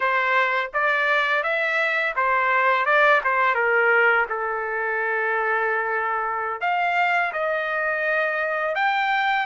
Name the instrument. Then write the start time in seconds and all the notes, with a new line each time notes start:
trumpet
0.00 C5
0.73 D5
1.43 E5
2.16 C5
2.85 D5
3.24 C5
3.54 A#4
4.29 A4
6.61 F5
7.32 D#5
8.75 G5